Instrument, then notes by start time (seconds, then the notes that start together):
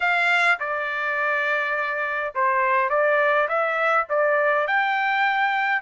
trumpet
0.00 F5
0.59 D5
2.34 C5
2.89 D5
3.48 E5
4.09 D5
4.67 G5